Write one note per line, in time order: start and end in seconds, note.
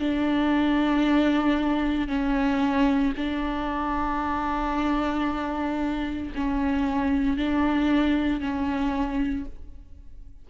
0.00 2.09 D4
2.09 3.14 C#4
3.17 6.33 D4
6.35 7.37 C#4
7.37 8.41 D4
8.41 9.46 C#4